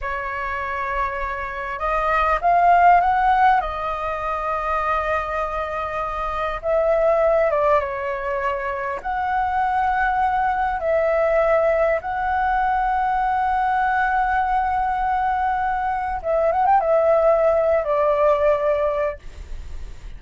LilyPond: \new Staff \with { instrumentName = "flute" } { \time 4/4 \tempo 4 = 100 cis''2. dis''4 | f''4 fis''4 dis''2~ | dis''2. e''4~ | e''8 d''8 cis''2 fis''4~ |
fis''2 e''2 | fis''1~ | fis''2. e''8 fis''16 g''16 | e''4.~ e''16 d''2~ d''16 | }